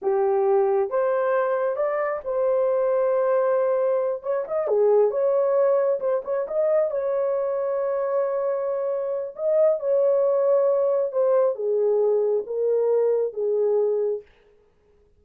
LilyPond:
\new Staff \with { instrumentName = "horn" } { \time 4/4 \tempo 4 = 135 g'2 c''2 | d''4 c''2.~ | c''4. cis''8 dis''8 gis'4 cis''8~ | cis''4. c''8 cis''8 dis''4 cis''8~ |
cis''1~ | cis''4 dis''4 cis''2~ | cis''4 c''4 gis'2 | ais'2 gis'2 | }